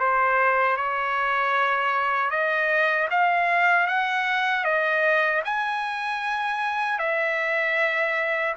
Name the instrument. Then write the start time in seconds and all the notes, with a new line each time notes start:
trumpet
0.00 C5
0.77 C#5
2.31 D#5
3.11 F5
3.87 F#5
4.65 D#5
5.45 G#5
6.99 E5